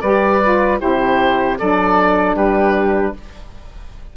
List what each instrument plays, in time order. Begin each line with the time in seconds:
0.00 bassoon G3, saxophone G4, flute B4, oboe D5
0.43 saxophone F4
0.78 bassoon C3, saxophone E4, flute G4, oboe C5
1.58 bassoon F#3, saxophone D4, flute A4, oboe D5
2.34 bassoon G3, flute G4, oboe B4